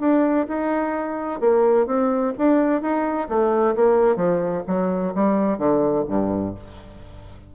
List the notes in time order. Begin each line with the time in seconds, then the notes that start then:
0.00 D4
0.48 D#4
1.41 A#3
1.87 C4
2.38 D4
2.82 D#4
3.29 A3
3.76 A#3
4.16 F3
4.67 F#3
5.15 G3
5.58 D3
6.08 G2